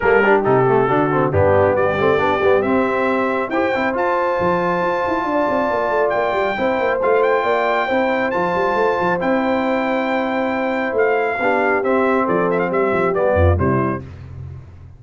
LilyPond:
<<
  \new Staff \with { instrumentName = "trumpet" } { \time 4/4 \tempo 4 = 137 ais'4 a'2 g'4 | d''2 e''2 | g''4 a''2.~ | a''2 g''2 |
f''8 g''2~ g''8 a''4~ | a''4 g''2.~ | g''4 f''2 e''4 | d''8 e''16 f''16 e''4 d''4 c''4 | }
  \new Staff \with { instrumentName = "horn" } { \time 4/4 a'8 g'4. fis'4 d'4 | g'1 | c''1 | d''2. c''4~ |
c''4 d''4 c''2~ | c''1~ | c''2 g'2 | a'4 g'4. f'8 e'4 | }
  \new Staff \with { instrumentName = "trombone" } { \time 4/4 ais8 d'8 dis'8 a8 d'8 c'8 b4~ | b8 c'8 d'8 b8 c'2 | g'8 e'8 f'2.~ | f'2. e'4 |
f'2 e'4 f'4~ | f'4 e'2.~ | e'2 d'4 c'4~ | c'2 b4 g4 | }
  \new Staff \with { instrumentName = "tuba" } { \time 4/4 g4 c4 d4 g,4 | g8 a8 b8 g8 c'2 | e'8 c'8 f'4 f4 f'8 e'8 | d'8 c'8 ais8 a8 ais8 g8 c'8 ais8 |
a4 ais4 c'4 f8 g8 | a8 f8 c'2.~ | c'4 a4 b4 c'4 | f4 g8 f8 g8 f,8 c4 | }
>>